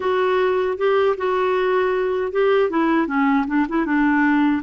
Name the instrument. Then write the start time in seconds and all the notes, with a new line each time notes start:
clarinet
0.00 F#4
0.77 G4
1.17 F#4
2.31 G4
2.70 E4
3.07 C#4
3.47 D4
3.69 E4
3.85 D4